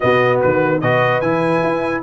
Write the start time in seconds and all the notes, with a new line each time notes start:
0.00 B2 B3 F#4 D#5
0.41 D#3 B4
0.81 B2 F#4 B4 D#5
1.20 E3 E4 G#5
1.63 E4